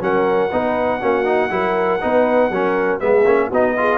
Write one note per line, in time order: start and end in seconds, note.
0.00 0.51 F#3
0.00 0.50 C#4
0.00 0.52 A#4
0.00 3.00 F#5
0.52 1.02 B3
0.52 1.01 D#4
0.52 1.00 B4
1.00 1.50 A#3
1.00 1.24 C#4
1.00 1.50 F#4
1.24 1.49 D#4
1.50 2.00 F#3
1.50 2.00 E4
1.50 2.02 A#4
2.01 2.50 B3
2.01 2.51 D#4
2.01 2.52 B4
2.50 3.00 F#3
2.50 3.00 C#4
2.50 3.02 A#4
3.00 3.25 G#3
3.00 3.25 B3
3.00 3.48 G#4
3.00 3.50 E5
3.25 3.50 A#3
3.25 3.51 C#4
3.48 3.98 B3
3.48 3.77 D#4
3.48 3.73 F#4
3.48 3.98 D#5
3.77 3.98 F4
3.77 3.98 G#4